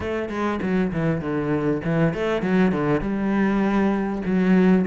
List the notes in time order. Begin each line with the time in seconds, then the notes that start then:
0.00 A3
0.29 G#3
0.61 F#3
0.92 E3
1.20 D3
1.84 E3
2.13 A3
2.42 F#3
2.72 D3
3.01 G3
4.25 F#3